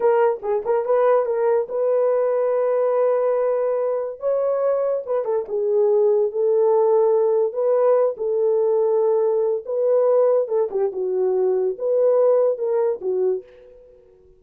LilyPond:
\new Staff \with { instrumentName = "horn" } { \time 4/4 \tempo 4 = 143 ais'4 gis'8 ais'8 b'4 ais'4 | b'1~ | b'2 cis''2 | b'8 a'8 gis'2 a'4~ |
a'2 b'4. a'8~ | a'2. b'4~ | b'4 a'8 g'8 fis'2 | b'2 ais'4 fis'4 | }